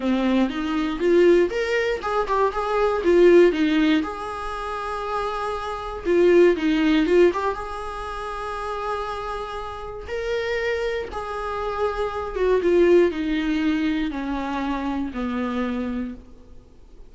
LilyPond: \new Staff \with { instrumentName = "viola" } { \time 4/4 \tempo 4 = 119 c'4 dis'4 f'4 ais'4 | gis'8 g'8 gis'4 f'4 dis'4 | gis'1 | f'4 dis'4 f'8 g'8 gis'4~ |
gis'1 | ais'2 gis'2~ | gis'8 fis'8 f'4 dis'2 | cis'2 b2 | }